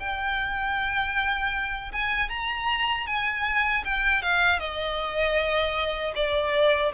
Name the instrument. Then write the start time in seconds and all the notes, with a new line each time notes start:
violin
0.00 G5
1.93 G#5
2.30 A#5
3.07 G#5
3.85 G5
4.23 F5
4.60 D#5
6.16 D5